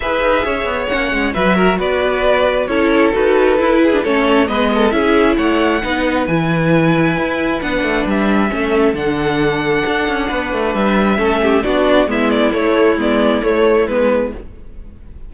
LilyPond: <<
  \new Staff \with { instrumentName = "violin" } { \time 4/4 \tempo 4 = 134 e''2 fis''4 e''4 | d''2 cis''4 b'4~ | b'4 cis''4 dis''4 e''4 | fis''2 gis''2~ |
gis''4 fis''4 e''2 | fis''1 | e''2 d''4 e''8 d''8 | cis''4 d''4 cis''4 b'4 | }
  \new Staff \with { instrumentName = "violin" } { \time 4/4 b'4 cis''2 b'8 ais'8 | b'2 a'2~ | a'8 gis'8 a'4 b'8 a'8 gis'4 | cis''4 b'2.~ |
b'2. a'4~ | a'2. b'4~ | b'4 a'8 g'8 fis'4 e'4~ | e'1 | }
  \new Staff \with { instrumentName = "viola" } { \time 4/4 gis'2 cis'4 fis'4~ | fis'2 e'4 fis'4 | e'8. d'16 cis'4 b4 e'4~ | e'4 dis'4 e'2~ |
e'4 d'2 cis'4 | d'1~ | d'4 cis'4 d'4 b4 | a4 b4 a4 b4 | }
  \new Staff \with { instrumentName = "cello" } { \time 4/4 e'8 dis'8 cis'8 b8 ais8 gis8 fis4 | b2 cis'4 dis'4 | e'4 a4 gis4 cis'4 | a4 b4 e2 |
e'4 b8 a8 g4 a4 | d2 d'8 cis'8 b8 a8 | g4 a4 b4 gis4 | a4 gis4 a4 gis4 | }
>>